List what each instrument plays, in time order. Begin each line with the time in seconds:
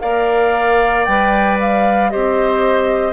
0.00 bassoon A#3, clarinet A#4, oboe D5, flute F5
1.05 bassoon G3, clarinet B4, flute G5
1.60 flute F5
2.10 bassoon C4, clarinet G4, oboe C5, flute D#5